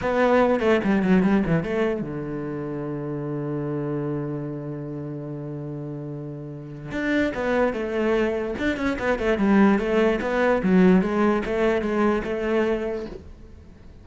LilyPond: \new Staff \with { instrumentName = "cello" } { \time 4/4 \tempo 4 = 147 b4. a8 g8 fis8 g8 e8 | a4 d2.~ | d1~ | d1~ |
d4 d'4 b4 a4~ | a4 d'8 cis'8 b8 a8 g4 | a4 b4 fis4 gis4 | a4 gis4 a2 | }